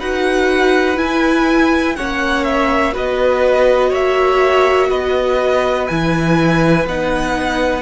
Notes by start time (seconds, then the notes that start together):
0.00 D#4 F#4 B4 F#5
0.96 E4 G#5
1.97 A#3 C#4 C#5 F#5
2.44 E5
2.94 B3 F#4 B4 D#5
3.90 A#3 C#5 E5
4.90 B3 B4 D#5
5.88 E3 E4 G#5
6.86 B3 D#4 F#5